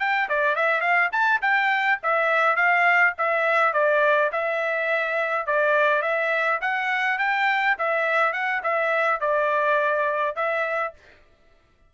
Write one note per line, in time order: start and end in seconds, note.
0.00 0.29 G5
0.29 0.56 D5
0.56 0.81 E5
0.81 1.10 F5
1.12 1.41 A5
1.42 2.00 G5
2.03 2.56 E5
2.56 3.14 F5
3.18 3.74 E5
3.74 4.31 D5
4.32 5.47 E5
5.47 6.02 D5
6.02 6.60 E5
6.62 7.19 F#5
7.19 7.76 G5
7.79 8.33 E5
8.33 8.62 F#5
8.63 9.21 E5
9.21 10.36 D5
10.36 10.94 E5